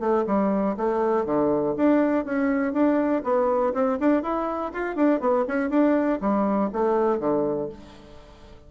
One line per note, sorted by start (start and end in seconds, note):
0.00 0.25 A3
0.27 0.77 G3
0.78 1.26 A3
1.26 1.75 D3
1.77 2.25 D4
2.25 2.73 C#4
2.73 3.23 D4
3.24 3.74 B3
3.74 3.99 C4
4.00 4.23 D4
4.23 4.72 E4
4.73 4.97 F4
4.97 5.21 D4
5.21 5.46 B3
5.48 5.70 C#4
5.70 6.20 D4
6.21 6.71 G3
6.73 7.20 A3
7.20 7.69 D3